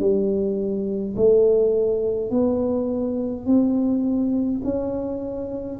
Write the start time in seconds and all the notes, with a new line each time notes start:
0.00 G3
1.16 A3
2.31 B3
3.46 C4
4.64 C#4